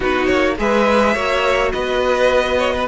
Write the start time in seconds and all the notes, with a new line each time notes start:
0.00 B3 D#4 F#4 B4
0.26 A#3 C#5
0.58 G#3 G#4 B4 E5
1.14 A#3 F#4 C#5
1.72 B3 B4 D#5
2.58 C#5
2.74 B4